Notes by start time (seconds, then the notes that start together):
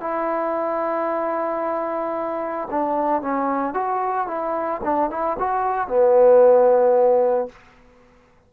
0.00 E4
2.71 D4
3.21 C#4
3.74 F#4
4.27 E4
4.83 D4
5.10 E4
5.39 F#4
5.88 B3